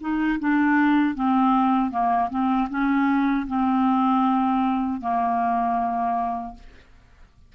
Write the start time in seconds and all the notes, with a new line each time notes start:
0.00 D#4
0.39 D4
1.15 C4
1.91 A#3
2.29 C4
2.69 C#4
3.47 C4
5.00 A#3